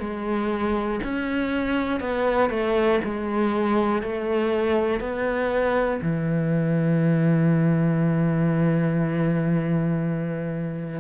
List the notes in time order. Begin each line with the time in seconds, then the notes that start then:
0.00 G#3
1.04 C#4
2.00 B3
2.50 A3
3.05 G#3
4.02 A3
5.00 B3
6.02 E3